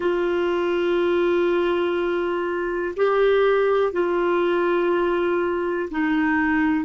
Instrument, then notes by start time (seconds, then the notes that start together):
clarinet
0.00 F4
2.96 G4
3.92 F4
5.90 D#4